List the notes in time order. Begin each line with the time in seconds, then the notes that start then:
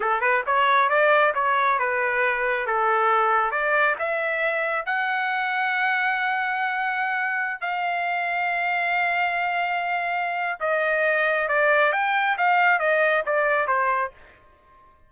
0.00 A4
0.20 B4
0.46 C#5
0.89 D5
1.34 C#5
1.78 B4
2.66 A4
3.51 D5
3.98 E5
4.85 F#5
7.60 F5
10.60 D#5
11.48 D5
11.92 G5
12.37 F5
12.79 D#5
13.26 D5
13.67 C5